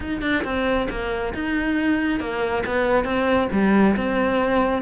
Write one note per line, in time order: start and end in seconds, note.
0.00 0.21 D#4
0.21 0.43 D4
0.44 0.88 C4
0.90 1.33 A#3
1.34 2.19 D#4
2.19 2.63 A#3
2.66 3.04 B3
3.04 3.48 C4
3.52 3.96 G3
3.96 4.82 C4